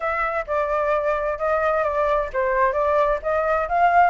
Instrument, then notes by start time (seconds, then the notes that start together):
flute
0.00 E5
0.46 D5
1.38 D#5
1.83 D5
2.33 C5
2.73 D5
3.22 D#5
3.68 F5